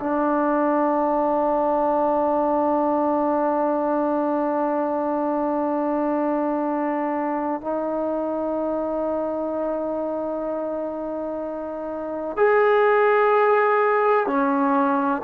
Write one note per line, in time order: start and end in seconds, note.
0.00 7.61 D4
7.61 12.37 D#4
12.37 14.27 G#4
14.27 15.22 C#4